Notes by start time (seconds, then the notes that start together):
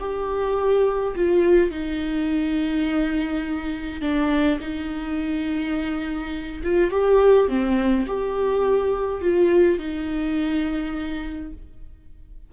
0.00 G4
1.16 F4
1.71 D#4
4.02 D4
4.61 D#4
6.64 F4
6.91 G4
7.49 C4
8.07 G4
9.22 F4
9.79 D#4